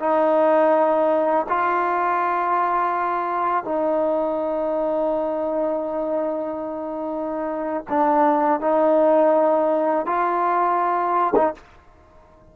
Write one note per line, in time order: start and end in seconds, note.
0.00 1.46 D#4
1.49 3.64 F4
3.64 7.85 D#4
7.89 8.60 D4
8.60 10.06 D#4
10.06 11.34 F4
11.35 11.54 D#4